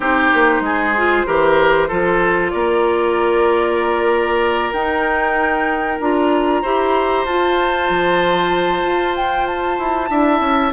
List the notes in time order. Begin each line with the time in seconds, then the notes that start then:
0.00 C4 D#4 G4 C5
0.33 A#3
0.60 G#3 G#4
0.96 F4
1.26 E3 G4 A#4
1.88 F3 F4 A4
2.50 A#3 A#4 D5
4.72 D#4 G5
6.00 D4 F4 A#5
6.62 E4 G4 C5
7.25 F4 A5
7.89 F3
8.82 F4
9.16 G5
9.46 A5
9.78 E4
10.09 D4 E4 E5
10.40 C#4